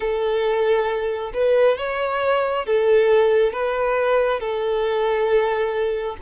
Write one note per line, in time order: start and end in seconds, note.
0.00 1.32 A4
1.33 1.77 B4
1.77 2.66 C#5
2.66 3.53 A4
3.53 4.40 B4
4.40 6.16 A4